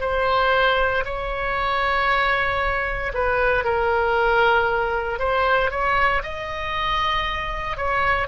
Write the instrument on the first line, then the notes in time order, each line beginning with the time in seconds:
oboe
0.00 C5
1.05 C#5
3.14 B4
3.64 A#4
5.19 C5
5.70 C#5
6.23 D#5
7.77 C#5